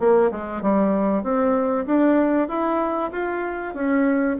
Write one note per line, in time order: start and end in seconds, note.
0.00 0.31 A#3
0.32 0.62 G#3
0.62 1.24 G3
1.24 1.86 C4
1.86 2.49 D4
2.49 3.11 E4
3.12 3.75 F4
3.75 4.38 C#4